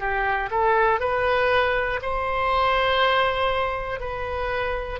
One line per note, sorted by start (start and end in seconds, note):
0.00 0.50 G4
0.51 1.00 A4
1.00 2.00 B4
2.02 4.00 C5
4.00 5.00 B4